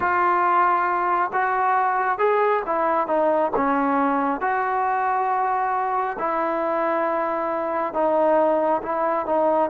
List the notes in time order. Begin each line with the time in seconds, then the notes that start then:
0.00 F4
1.32 F#4
2.18 G#4
2.66 E4
3.07 D#4
3.55 C#4
4.40 F#4
6.18 E4
7.93 D#4
8.82 E4
9.26 D#4